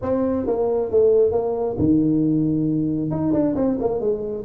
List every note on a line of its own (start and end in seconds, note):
0.02 0.46 C4
0.46 0.90 A#3
0.90 1.31 A3
1.31 1.76 A#3
1.78 3.10 D#3
3.10 3.33 D#4
3.33 3.55 D4
3.55 3.77 C4
3.80 4.00 A#3
4.00 4.44 G#3